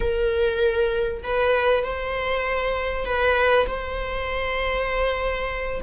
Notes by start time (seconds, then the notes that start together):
0.00 A#4
1.23 B4
1.83 C5
3.05 B4
3.67 C5